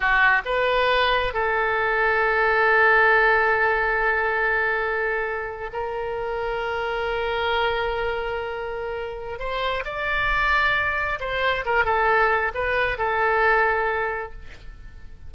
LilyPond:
\new Staff \with { instrumentName = "oboe" } { \time 4/4 \tempo 4 = 134 fis'4 b'2 a'4~ | a'1~ | a'1~ | a'8. ais'2.~ ais'16~ |
ais'1~ | ais'4 c''4 d''2~ | d''4 c''4 ais'8 a'4. | b'4 a'2. | }